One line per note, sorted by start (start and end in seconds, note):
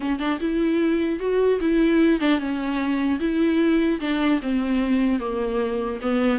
0.00 0.19 C#4
0.19 0.39 D4
0.40 1.19 E4
1.19 1.59 F#4
1.60 2.20 E4
2.20 2.39 D4
2.39 3.19 C#4
3.19 3.99 E4
4.00 4.40 D4
4.41 5.19 C4
5.19 5.99 A#3
6.01 6.39 B3